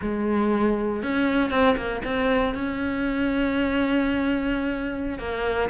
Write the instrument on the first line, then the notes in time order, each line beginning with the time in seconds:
cello
0.01 G#3
1.03 C#4
1.50 C4
1.76 A#3
2.04 C4
2.54 C#4
5.18 A#3